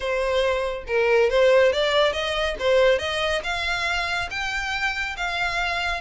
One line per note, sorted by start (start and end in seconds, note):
0.00 0.84 C5
0.87 1.30 A#4
1.30 1.72 C5
1.72 2.12 D5
2.12 2.55 D#5
2.59 2.99 C5
2.99 3.41 D#5
3.43 4.29 F5
4.30 5.15 G5
5.16 6.00 F5